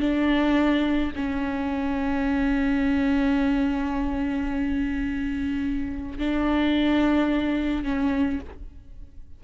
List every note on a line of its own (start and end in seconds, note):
0.00 1.12 D4
1.15 6.19 C#4
6.19 7.84 D4
7.84 8.40 C#4